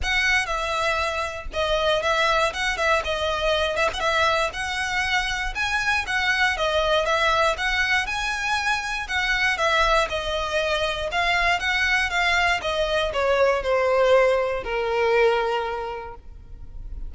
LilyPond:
\new Staff \with { instrumentName = "violin" } { \time 4/4 \tempo 4 = 119 fis''4 e''2 dis''4 | e''4 fis''8 e''8 dis''4. e''16 fis''16 | e''4 fis''2 gis''4 | fis''4 dis''4 e''4 fis''4 |
gis''2 fis''4 e''4 | dis''2 f''4 fis''4 | f''4 dis''4 cis''4 c''4~ | c''4 ais'2. | }